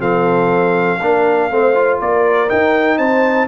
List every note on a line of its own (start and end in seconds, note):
0.00 0.99 F3
0.00 0.99 C4
0.00 0.99 A4
0.00 2.00 F5
1.00 1.51 A#3
1.00 1.51 D4
1.00 1.50 A#4
1.51 2.00 A3
1.51 1.75 C4
1.51 2.00 C5
1.75 2.49 F4
2.00 2.51 A#3
2.00 2.98 A#4
2.00 2.50 D5
2.49 3.48 D#4
2.49 2.99 D#4
2.49 2.98 G5
2.98 3.48 C4
2.98 3.48 C5
2.98 3.48 A5